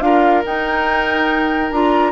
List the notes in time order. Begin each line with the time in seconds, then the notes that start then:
0.00 D4 F4 A#4 F5
0.45 D#4 G5
1.71 D4 F4 A#5